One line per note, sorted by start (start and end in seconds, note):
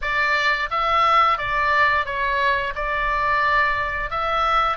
0.01 0.69 D5
0.70 1.38 E5
1.38 2.05 D5
2.05 2.73 C#5
2.75 4.10 D5
4.10 4.77 E5